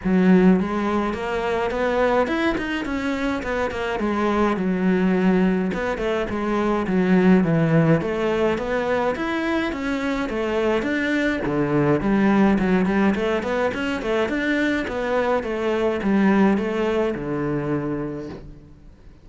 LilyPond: \new Staff \with { instrumentName = "cello" } { \time 4/4 \tempo 4 = 105 fis4 gis4 ais4 b4 | e'8 dis'8 cis'4 b8 ais8 gis4 | fis2 b8 a8 gis4 | fis4 e4 a4 b4 |
e'4 cis'4 a4 d'4 | d4 g4 fis8 g8 a8 b8 | cis'8 a8 d'4 b4 a4 | g4 a4 d2 | }